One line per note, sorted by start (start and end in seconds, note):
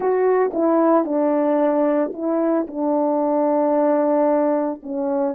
0.00 0.51 F#4
0.53 1.04 E4
1.04 2.12 D4
2.13 2.66 E4
2.67 4.81 D4
4.83 5.35 C#4